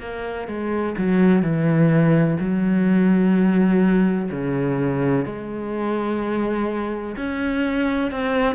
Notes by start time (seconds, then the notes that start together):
0.00 A#3
0.48 G#3
0.98 F#3
1.42 E3
2.40 F#3
4.31 C#3
5.25 G#3
7.16 C#4
8.11 C4